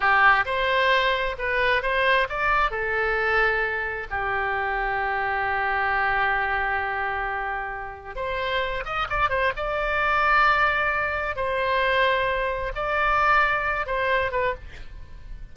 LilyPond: \new Staff \with { instrumentName = "oboe" } { \time 4/4 \tempo 4 = 132 g'4 c''2 b'4 | c''4 d''4 a'2~ | a'4 g'2.~ | g'1~ |
g'2 c''4. dis''8 | d''8 c''8 d''2.~ | d''4 c''2. | d''2~ d''8 c''4 b'8 | }